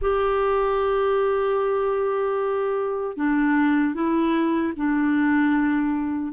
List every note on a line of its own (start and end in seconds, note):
0.01 3.17 G4
3.17 3.94 D4
3.94 4.73 E4
4.76 6.32 D4